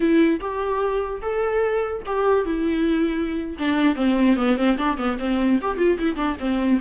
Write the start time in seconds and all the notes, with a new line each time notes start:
0.00 E4
0.40 G4
1.21 A4
2.05 G4
2.45 E4
3.58 D4
3.95 C4
4.36 B3
4.56 C4
4.77 D4
4.97 B3
5.19 C4
5.61 G4
5.77 F4
5.98 E4
6.16 D4
6.39 C4